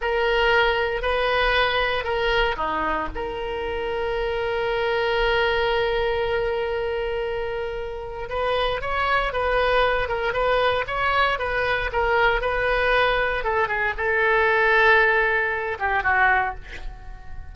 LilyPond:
\new Staff \with { instrumentName = "oboe" } { \time 4/4 \tempo 4 = 116 ais'2 b'2 | ais'4 dis'4 ais'2~ | ais'1~ | ais'1 |
b'4 cis''4 b'4. ais'8 | b'4 cis''4 b'4 ais'4 | b'2 a'8 gis'8 a'4~ | a'2~ a'8 g'8 fis'4 | }